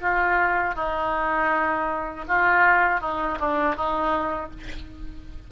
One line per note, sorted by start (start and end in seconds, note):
0.00 0.75 F4
0.75 2.25 D#4
2.28 3.00 F4
3.00 3.38 D#4
3.39 3.75 D4
3.75 4.50 D#4